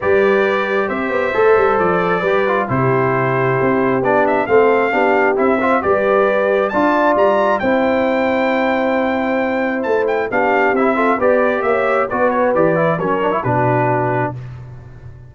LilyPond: <<
  \new Staff \with { instrumentName = "trumpet" } { \time 4/4 \tempo 4 = 134 d''2 e''2 | d''2 c''2~ | c''4 d''8 e''8 f''2 | e''4 d''2 a''4 |
ais''4 g''2.~ | g''2 a''8 g''8 f''4 | e''4 d''4 e''4 d''8 cis''8 | d''4 cis''4 b'2 | }
  \new Staff \with { instrumentName = "horn" } { \time 4/4 b'2 c''2~ | c''4 b'4 g'2~ | g'2 a'4 g'4~ | g'8 c''8 b'2 d''4~ |
d''4 c''2.~ | c''2. g'4~ | g'8 a'8 b'4 cis''4 b'4~ | b'4 ais'4 fis'2 | }
  \new Staff \with { instrumentName = "trombone" } { \time 4/4 g'2. a'4~ | a'4 g'8 f'8 e'2~ | e'4 d'4 c'4 d'4 | e'8 f'8 g'2 f'4~ |
f'4 e'2.~ | e'2. d'4 | e'8 f'8 g'2 fis'4 | g'8 e'8 cis'8 d'16 e'16 d'2 | }
  \new Staff \with { instrumentName = "tuba" } { \time 4/4 g2 c'8 b8 a8 g8 | f4 g4 c2 | c'4 b4 a4 b4 | c'4 g2 d'4 |
g4 c'2.~ | c'2 a4 b4 | c'4 b4 ais4 b4 | e4 fis4 b,2 | }
>>